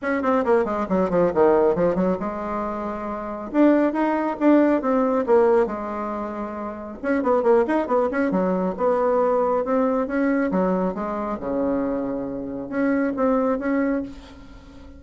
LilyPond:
\new Staff \with { instrumentName = "bassoon" } { \time 4/4 \tempo 4 = 137 cis'8 c'8 ais8 gis8 fis8 f8 dis4 | f8 fis8 gis2. | d'4 dis'4 d'4 c'4 | ais4 gis2. |
cis'8 b8 ais8 dis'8 b8 cis'8 fis4 | b2 c'4 cis'4 | fis4 gis4 cis2~ | cis4 cis'4 c'4 cis'4 | }